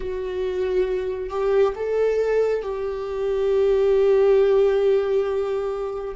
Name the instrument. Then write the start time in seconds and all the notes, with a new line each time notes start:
viola
0.00 F#4
1.29 G4
1.75 A4
2.62 G4